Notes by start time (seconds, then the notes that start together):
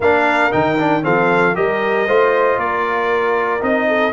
0.00 A#3 D4 A#4 F5
0.51 D#3 D#4 G5
0.78 D4
1.02 F3 C4 A4 F5
1.54 G3 G4 A#4 D#5
2.06 A3 F4 C5
2.57 A#3 A#4 D5
3.60 C4 D#4 D#5
3.87 A4